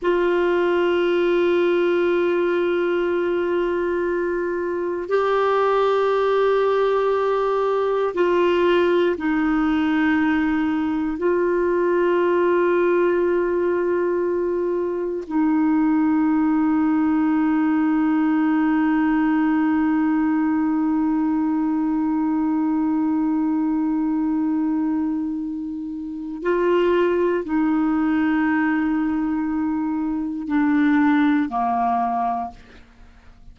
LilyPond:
\new Staff \with { instrumentName = "clarinet" } { \time 4/4 \tempo 4 = 59 f'1~ | f'4 g'2. | f'4 dis'2 f'4~ | f'2. dis'4~ |
dis'1~ | dis'1~ | dis'2 f'4 dis'4~ | dis'2 d'4 ais4 | }